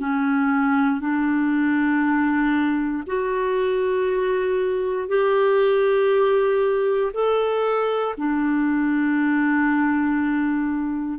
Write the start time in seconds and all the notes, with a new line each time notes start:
0.00 C#4
1.00 D4
3.06 F#4
5.08 G4
7.13 A4
8.17 D4